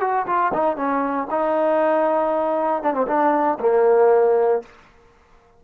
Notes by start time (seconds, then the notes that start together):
0.00 F#4
0.26 F4
0.53 D#4
0.76 C#4
1.30 D#4
2.83 D4
2.93 C4
3.07 D4
3.59 A#3